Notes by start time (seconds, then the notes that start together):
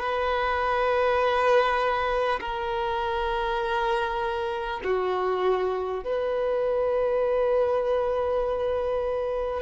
0.00 B4
2.41 A#4
4.84 F#4
6.04 B4